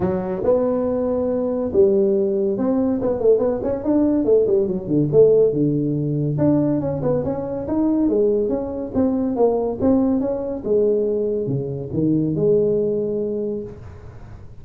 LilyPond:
\new Staff \with { instrumentName = "tuba" } { \time 4/4 \tempo 4 = 141 fis4 b2. | g2 c'4 b8 a8 | b8 cis'8 d'4 a8 g8 fis8 d8 | a4 d2 d'4 |
cis'8 b8 cis'4 dis'4 gis4 | cis'4 c'4 ais4 c'4 | cis'4 gis2 cis4 | dis4 gis2. | }